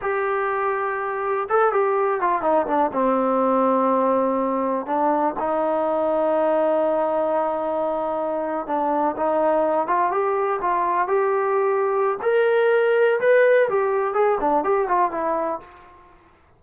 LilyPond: \new Staff \with { instrumentName = "trombone" } { \time 4/4 \tempo 4 = 123 g'2. a'8 g'8~ | g'8 f'8 dis'8 d'8 c'2~ | c'2 d'4 dis'4~ | dis'1~ |
dis'4.~ dis'16 d'4 dis'4~ dis'16~ | dis'16 f'8 g'4 f'4 g'4~ g'16~ | g'4 ais'2 b'4 | g'4 gis'8 d'8 g'8 f'8 e'4 | }